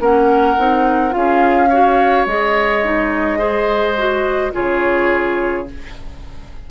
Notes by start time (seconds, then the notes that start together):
0.00 A#3 C#4 A#4 F#5
0.58 C4 D#4
1.11 C#4 F4 F5
1.17 G#4
1.70 F#4 C#5
2.26 G#3 G#4 D#5
2.84 D#4
3.39 G#4 C5
3.99 F#4
4.53 C#3 F4 G#4 C#5